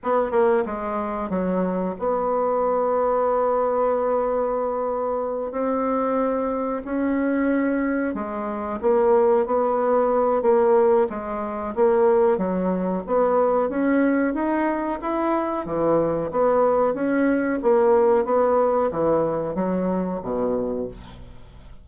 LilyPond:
\new Staff \with { instrumentName = "bassoon" } { \time 4/4 \tempo 4 = 92 b8 ais8 gis4 fis4 b4~ | b1~ | b8 c'2 cis'4.~ | cis'8 gis4 ais4 b4. |
ais4 gis4 ais4 fis4 | b4 cis'4 dis'4 e'4 | e4 b4 cis'4 ais4 | b4 e4 fis4 b,4 | }